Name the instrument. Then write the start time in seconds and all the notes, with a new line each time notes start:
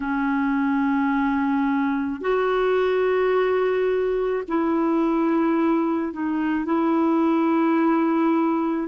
clarinet
0.00 C#4
2.20 F#4
4.47 E4
6.13 D#4
6.65 E4